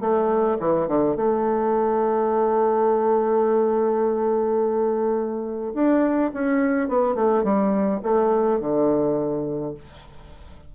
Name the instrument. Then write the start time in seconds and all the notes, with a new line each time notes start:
bassoon
0.00 A3
0.59 E3
0.87 D3
1.16 A3
5.74 D4
6.33 C#4
6.88 B3
7.15 A3
7.43 G3
8.03 A3
8.60 D3